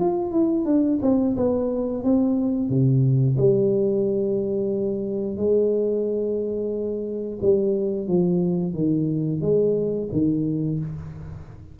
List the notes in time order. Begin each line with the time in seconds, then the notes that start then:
0.00 F4
0.32 E4
0.66 D4
1.02 C4
1.37 B3
2.04 C4
2.69 C3
3.38 G3
5.37 G#3
7.42 G3
8.08 F3
8.74 D#3
9.42 G#3
10.12 D#3